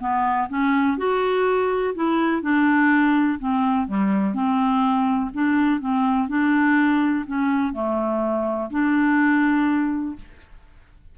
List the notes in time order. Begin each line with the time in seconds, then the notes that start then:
0.00 B3
0.49 C#4
0.97 F#4
1.94 E4
2.42 D4
3.39 C4
3.87 G3
4.34 C4
5.33 D4
5.80 C4
6.28 D4
7.26 C#4
7.73 A3
8.70 D4